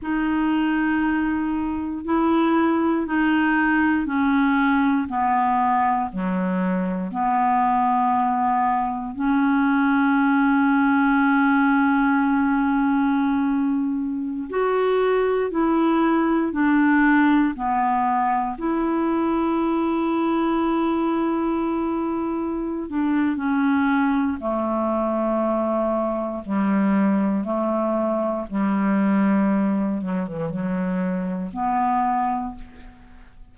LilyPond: \new Staff \with { instrumentName = "clarinet" } { \time 4/4 \tempo 4 = 59 dis'2 e'4 dis'4 | cis'4 b4 fis4 b4~ | b4 cis'2.~ | cis'2~ cis'16 fis'4 e'8.~ |
e'16 d'4 b4 e'4.~ e'16~ | e'2~ e'8 d'8 cis'4 | a2 g4 a4 | g4. fis16 e16 fis4 b4 | }